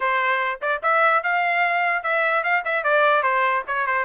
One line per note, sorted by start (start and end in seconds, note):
0.00 0.60 C5
0.61 0.81 D5
0.82 1.23 E5
1.23 2.03 F5
2.03 2.43 E5
2.43 2.63 F5
2.64 2.83 E5
2.83 3.22 D5
3.22 3.63 C5
3.67 3.86 C#5
3.86 4.05 C5